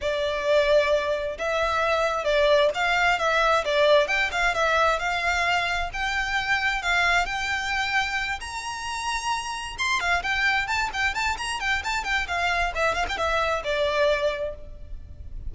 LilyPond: \new Staff \with { instrumentName = "violin" } { \time 4/4 \tempo 4 = 132 d''2. e''4~ | e''4 d''4 f''4 e''4 | d''4 g''8 f''8 e''4 f''4~ | f''4 g''2 f''4 |
g''2~ g''8 ais''4.~ | ais''4. c'''8 f''8 g''4 a''8 | g''8 a''8 ais''8 g''8 a''8 g''8 f''4 | e''8 f''16 g''16 e''4 d''2 | }